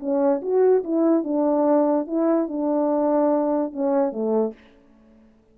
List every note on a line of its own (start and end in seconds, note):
0.00 0.42 C#4
0.42 0.84 F#4
0.84 1.24 E4
1.24 2.07 D4
2.07 2.49 E4
2.49 3.73 D4
3.73 4.12 C#4
4.12 4.54 A3